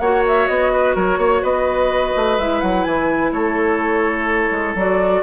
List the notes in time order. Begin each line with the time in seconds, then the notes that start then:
0.00 A#3 F#4 C#5 F#5
0.28 E5
0.48 B3 D#5
0.73 B4
0.95 F#3 A#4 C#5
1.18 A#3 C#5
1.42 B3 B4 D#5
2.16 A3
2.39 G#3 E4 E5
2.61 F#3 F#5
2.84 E3 G#5
3.32 A3 A4 C#5
4.51 G#3
4.75 F#3 F#4 D5